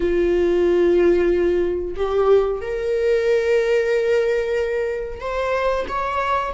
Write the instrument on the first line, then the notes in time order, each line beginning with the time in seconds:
viola
0.00 F4
1.96 G4
2.61 A#4
5.20 C5
5.88 C#5